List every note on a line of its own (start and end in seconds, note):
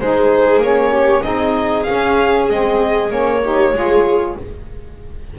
0.00 0.58 G#3
0.00 0.62 D#4
0.00 0.91 G#4
0.00 0.62 C5
0.58 1.20 A#3
0.58 1.23 C#4
0.58 1.23 C#5
0.91 1.23 G4
1.23 1.87 C4
1.23 1.86 D#4
1.23 3.42 G#4
1.23 1.83 D#5
1.83 2.49 C#4
1.83 2.46 F5
1.89 2.50 C#4
2.49 3.10 G#3
2.49 3.09 C4
2.49 3.12 D#5
3.09 3.73 A#3
3.09 3.40 C#4
3.09 4.37 C#5
3.43 3.74 D#4
3.43 3.75 G4
3.73 4.35 G#3
3.73 4.37 F4
3.73 4.38 G#4